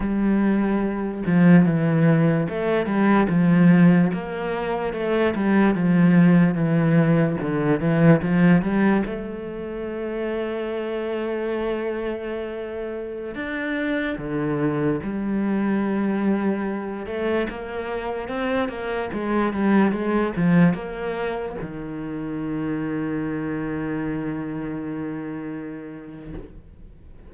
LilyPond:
\new Staff \with { instrumentName = "cello" } { \time 4/4 \tempo 4 = 73 g4. f8 e4 a8 g8 | f4 ais4 a8 g8 f4 | e4 d8 e8 f8 g8 a4~ | a1~ |
a16 d'4 d4 g4.~ g16~ | g8. a8 ais4 c'8 ais8 gis8 g16~ | g16 gis8 f8 ais4 dis4.~ dis16~ | dis1 | }